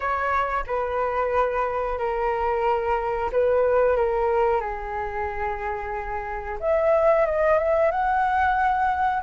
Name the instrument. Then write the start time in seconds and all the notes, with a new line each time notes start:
flute
0.00 C#5
0.66 B4
1.98 A#4
3.32 B4
3.96 A#4
4.60 G#4
6.60 E5
7.25 D#5
7.58 E5
7.91 F#5